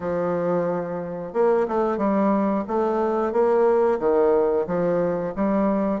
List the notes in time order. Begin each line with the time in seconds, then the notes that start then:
0.00 F3
1.33 A#3
1.68 A3
1.97 G3
2.67 A3
3.32 A#3
3.99 D#3
4.66 F3
5.35 G3